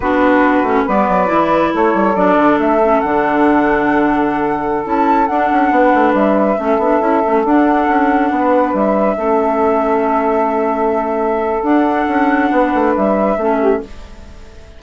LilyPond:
<<
  \new Staff \with { instrumentName = "flute" } { \time 4/4 \tempo 4 = 139 b'2 d''2 | cis''4 d''4 e''4 fis''4~ | fis''2.~ fis''16 a''8.~ | a''16 fis''2 e''4.~ e''16~ |
e''4~ e''16 fis''2~ fis''8.~ | fis''16 e''2.~ e''8.~ | e''2. fis''4~ | fis''2 e''2 | }
  \new Staff \with { instrumentName = "saxophone" } { \time 4/4 fis'2 b'2 | a'1~ | a'1~ | a'4~ a'16 b'2 a'8.~ |
a'2.~ a'16 b'8.~ | b'4~ b'16 a'2~ a'8.~ | a'1~ | a'4 b'2 a'8 g'8 | }
  \new Staff \with { instrumentName = "clarinet" } { \time 4/4 d'4. cis'8 b4 e'4~ | e'4 d'4. cis'8 d'4~ | d'2.~ d'16 e'8.~ | e'16 d'2. cis'8 d'16~ |
d'16 e'8 cis'8 d'2~ d'8.~ | d'4~ d'16 cis'2~ cis'8.~ | cis'2. d'4~ | d'2. cis'4 | }
  \new Staff \with { instrumentName = "bassoon" } { \time 4/4 b4. a8 g8 fis8 e4 | a8 g8 fis8 d8 a4 d4~ | d2.~ d16 cis'8.~ | cis'16 d'8 cis'8 b8 a8 g4 a8 b16~ |
b16 cis'8 a8 d'4 cis'4 b8.~ | b16 g4 a2~ a8.~ | a2. d'4 | cis'4 b8 a8 g4 a4 | }
>>